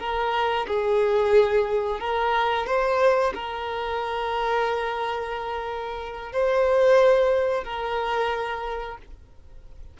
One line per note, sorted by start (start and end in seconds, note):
0.00 0.67 A#4
0.67 2.00 G#4
2.00 2.67 A#4
2.67 3.33 C5
3.35 6.33 A#4
6.33 7.65 C5
7.65 8.98 A#4